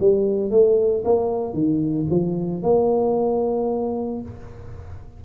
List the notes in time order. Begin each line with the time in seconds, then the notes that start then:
0.00 G3
0.51 A3
1.05 A#3
1.54 D#3
2.10 F3
2.63 A#3